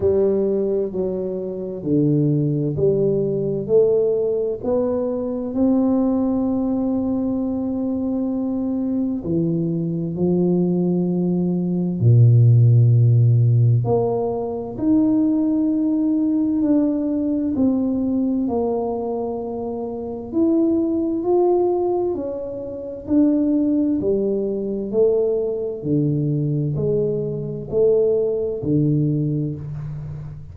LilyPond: \new Staff \with { instrumentName = "tuba" } { \time 4/4 \tempo 4 = 65 g4 fis4 d4 g4 | a4 b4 c'2~ | c'2 e4 f4~ | f4 ais,2 ais4 |
dis'2 d'4 c'4 | ais2 e'4 f'4 | cis'4 d'4 g4 a4 | d4 gis4 a4 d4 | }